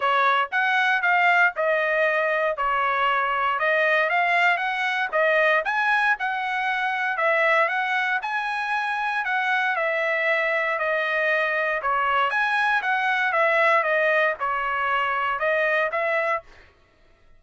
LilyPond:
\new Staff \with { instrumentName = "trumpet" } { \time 4/4 \tempo 4 = 117 cis''4 fis''4 f''4 dis''4~ | dis''4 cis''2 dis''4 | f''4 fis''4 dis''4 gis''4 | fis''2 e''4 fis''4 |
gis''2 fis''4 e''4~ | e''4 dis''2 cis''4 | gis''4 fis''4 e''4 dis''4 | cis''2 dis''4 e''4 | }